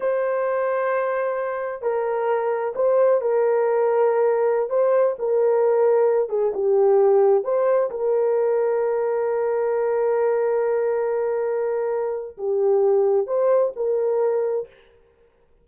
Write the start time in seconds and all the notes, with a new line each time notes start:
0.00 C5
1.82 A#4
2.75 C5
3.21 A#4
4.69 C5
5.18 A#4
6.29 G#4
6.54 G4
7.44 C5
7.90 A#4
12.37 G4
13.26 C5
13.76 A#4